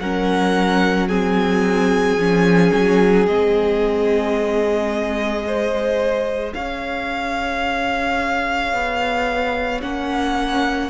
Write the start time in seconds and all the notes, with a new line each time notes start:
0.00 F#3 C#4 A#4 F#5
1.08 C4 G#4 G#5
2.17 F3 C#4
2.73 F#3
3.27 G#3 C4 D#5
5.45 G#4 C5
6.54 C#4 C#5 F5
8.74 B3
9.82 A#3 C#4 F#5